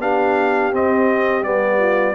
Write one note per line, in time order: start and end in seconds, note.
0.00 0.72 B3
0.00 0.73 D4
0.00 1.78 G4
0.00 0.74 F5
0.72 1.43 C4
0.72 1.45 C4
0.72 1.44 D#5
1.43 2.15 G3
1.43 2.15 B3
1.43 2.15 D5
1.78 2.15 F4